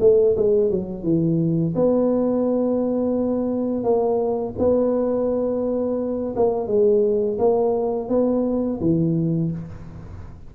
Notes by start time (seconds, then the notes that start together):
0.00 A3
0.36 G#3
0.70 F#3
1.03 E3
1.75 B3
3.83 A#3
4.58 B3
6.36 A#3
6.67 G#3
7.38 A#3
8.09 B3
8.80 E3